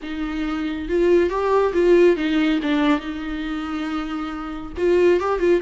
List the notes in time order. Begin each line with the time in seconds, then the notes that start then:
0.02 D#4
0.88 F4
1.29 G4
1.73 F4
2.16 D#4
2.62 D4
3.00 D#4
4.77 F4
5.20 G4
5.39 F4